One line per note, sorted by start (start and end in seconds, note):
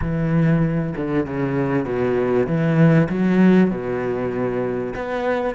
0.01 0.94 E3
0.96 1.26 D3
1.26 1.85 C#3
1.85 2.46 B2
2.46 3.08 E3
3.09 3.70 F#3
3.70 4.93 B2
4.95 5.54 B3